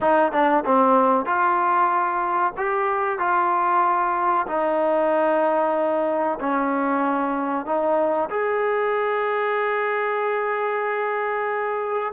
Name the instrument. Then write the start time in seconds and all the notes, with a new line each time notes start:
trombone
0.00 D#4
0.32 D4
0.65 C4
1.25 F4
2.57 G4
3.19 F4
4.47 D#4
6.40 C#4
7.65 D#4
8.29 G#4